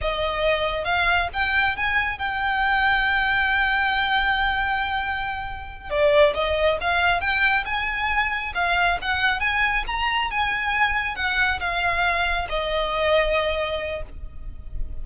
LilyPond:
\new Staff \with { instrumentName = "violin" } { \time 4/4 \tempo 4 = 137 dis''2 f''4 g''4 | gis''4 g''2.~ | g''1~ | g''4. d''4 dis''4 f''8~ |
f''8 g''4 gis''2 f''8~ | f''8 fis''4 gis''4 ais''4 gis''8~ | gis''4. fis''4 f''4.~ | f''8 dis''2.~ dis''8 | }